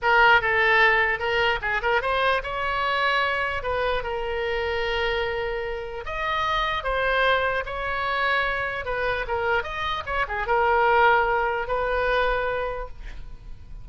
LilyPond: \new Staff \with { instrumentName = "oboe" } { \time 4/4 \tempo 4 = 149 ais'4 a'2 ais'4 | gis'8 ais'8 c''4 cis''2~ | cis''4 b'4 ais'2~ | ais'2. dis''4~ |
dis''4 c''2 cis''4~ | cis''2 b'4 ais'4 | dis''4 cis''8 gis'8 ais'2~ | ais'4 b'2. | }